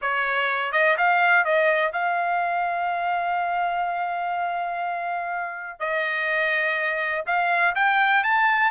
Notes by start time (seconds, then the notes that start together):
0.01 C#5
0.72 D#5
0.97 F5
1.44 D#5
1.92 F5
5.79 D#5
7.26 F5
7.75 G5
8.23 A5